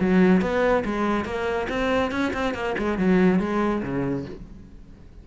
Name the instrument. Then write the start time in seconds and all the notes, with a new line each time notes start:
cello
0.00 F#3
0.41 B3
0.85 G#3
1.25 A#3
1.69 C4
2.11 C#4
2.33 C4
2.54 A#3
2.78 G#3
2.98 F#3
3.39 G#3
3.82 C#3